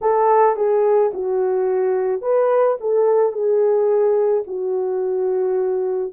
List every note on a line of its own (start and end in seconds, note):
0.01 0.56 A4
0.56 1.11 G#4
1.13 2.21 F#4
2.21 2.77 B4
2.80 3.32 A4
3.32 4.43 G#4
4.46 6.12 F#4